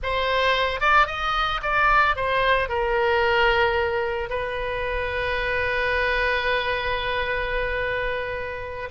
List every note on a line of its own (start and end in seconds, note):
0.03 0.80 C5
0.80 1.06 D5
1.06 1.60 D#5
1.62 2.15 D5
2.15 2.69 C5
2.69 4.29 A#4
4.29 8.89 B4